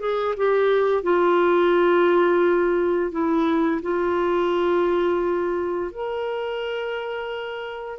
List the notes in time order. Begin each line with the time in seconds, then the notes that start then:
0.00 G#4
0.37 G4
1.03 F4
3.11 E4
3.82 F4
5.92 A#4